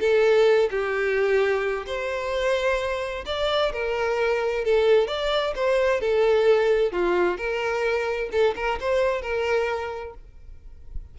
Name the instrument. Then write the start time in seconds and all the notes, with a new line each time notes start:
violin
0.00 A4
0.70 G4
1.86 C5
3.26 D5
3.73 A#4
4.65 A4
5.07 D5
5.55 C5
6.01 A4
6.92 F4
7.37 A#4
8.32 A4
8.56 A#4
8.80 C5
9.22 A#4